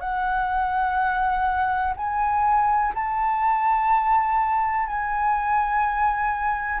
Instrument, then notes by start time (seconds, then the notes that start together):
flute
0.00 F#5
1.96 G#5
2.94 A5
4.86 G#5